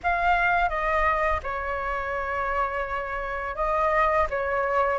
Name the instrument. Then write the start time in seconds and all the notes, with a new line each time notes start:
flute
0.03 F5
0.69 D#5
1.43 C#5
3.55 D#5
4.30 C#5